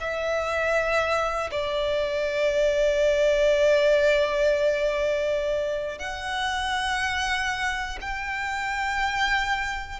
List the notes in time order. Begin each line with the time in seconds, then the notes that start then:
0.00 E5
1.50 D5
5.98 F#5
8.00 G5